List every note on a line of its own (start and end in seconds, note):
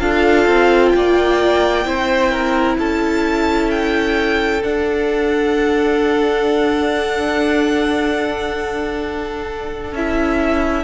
0.00 0.47 D4
0.00 1.85 F4
0.00 0.93 A4
0.00 0.89 F5
0.47 0.93 C4
0.89 1.86 A#3
0.89 2.74 G5
0.97 1.87 D5
1.85 2.78 C4
1.85 4.62 E4
1.85 2.32 C5
2.32 2.78 A#4
2.78 4.63 C#4
2.78 10.85 A4
2.78 3.71 A5
3.71 4.63 G5
4.63 9.95 D4
4.63 9.93 D4
4.63 9.94 F#5
9.93 10.85 C#4
9.93 10.85 E4
9.93 10.85 E5